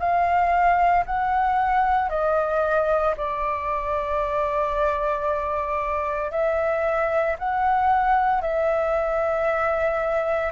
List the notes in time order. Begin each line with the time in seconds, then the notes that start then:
0.00 F5
1.06 F#5
2.10 D#5
3.17 D5
6.31 E5
7.39 F#5
8.42 E5